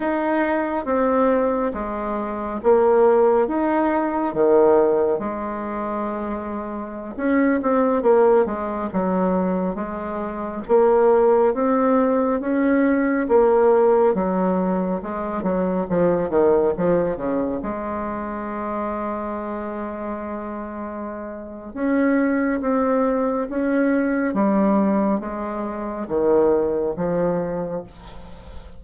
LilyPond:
\new Staff \with { instrumentName = "bassoon" } { \time 4/4 \tempo 4 = 69 dis'4 c'4 gis4 ais4 | dis'4 dis4 gis2~ | gis16 cis'8 c'8 ais8 gis8 fis4 gis8.~ | gis16 ais4 c'4 cis'4 ais8.~ |
ais16 fis4 gis8 fis8 f8 dis8 f8 cis16~ | cis16 gis2.~ gis8.~ | gis4 cis'4 c'4 cis'4 | g4 gis4 dis4 f4 | }